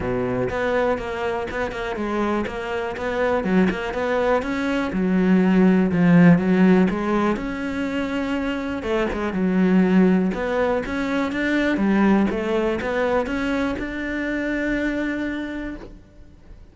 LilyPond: \new Staff \with { instrumentName = "cello" } { \time 4/4 \tempo 4 = 122 b,4 b4 ais4 b8 ais8 | gis4 ais4 b4 fis8 ais8 | b4 cis'4 fis2 | f4 fis4 gis4 cis'4~ |
cis'2 a8 gis8 fis4~ | fis4 b4 cis'4 d'4 | g4 a4 b4 cis'4 | d'1 | }